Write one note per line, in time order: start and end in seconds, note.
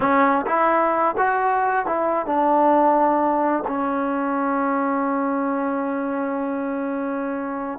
0.00 0.45 C#4
0.46 1.15 E4
1.17 1.85 F#4
1.85 2.26 E4
2.26 3.63 D4
3.67 7.79 C#4